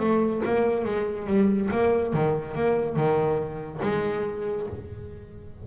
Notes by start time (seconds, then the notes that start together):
0.00 A3
0.46 A#3
0.85 G#3
1.27 G3
1.72 A#3
2.13 D#3
2.55 A#3
2.96 D#3
3.83 G#3